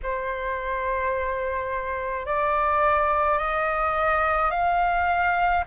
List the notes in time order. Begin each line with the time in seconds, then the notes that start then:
0.03 C5
2.25 D5
3.38 D#5
4.50 F5